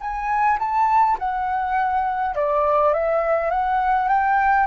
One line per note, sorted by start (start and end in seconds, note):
0.00 0.58 G#5
0.59 1.17 A5
1.19 2.35 F#5
2.35 2.93 D5
2.93 3.50 E5
3.50 4.08 F#5
4.08 4.66 G5